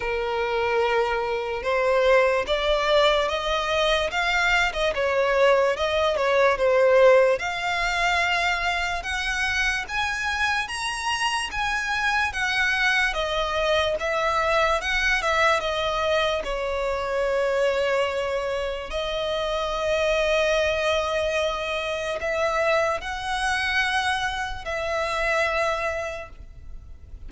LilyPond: \new Staff \with { instrumentName = "violin" } { \time 4/4 \tempo 4 = 73 ais'2 c''4 d''4 | dis''4 f''8. dis''16 cis''4 dis''8 cis''8 | c''4 f''2 fis''4 | gis''4 ais''4 gis''4 fis''4 |
dis''4 e''4 fis''8 e''8 dis''4 | cis''2. dis''4~ | dis''2. e''4 | fis''2 e''2 | }